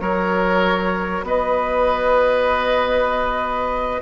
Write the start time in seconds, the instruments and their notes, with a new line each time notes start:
0.00 bassoon F#3, clarinet F#4, oboe A#4, flute C#5
1.23 bassoon B3, oboe B4, flute D#5